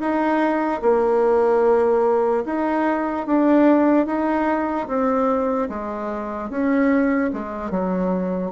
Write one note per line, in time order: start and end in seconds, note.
0.00 0.81 D#4
0.82 2.44 A#3
2.45 3.27 D#4
3.27 4.07 D4
4.07 4.88 D#4
4.88 5.69 C4
5.69 6.50 G#3
6.50 7.31 C#4
7.33 7.71 G#3
7.71 8.51 F#3